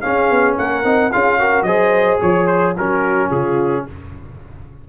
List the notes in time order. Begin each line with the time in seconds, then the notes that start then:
0.00 C#4 G#4 F5
0.30 B3
0.56 A#3 A#4 F#5
0.83 C4 D#4
1.11 C#4 F4 G#4 F5
1.39 F#4 A#4
1.62 F#3 G#4 C5 D#5
2.21 F3 C#5
2.46 C5
2.77 F#3 C#4 F#4 A#4
3.29 C#3 F4 G#4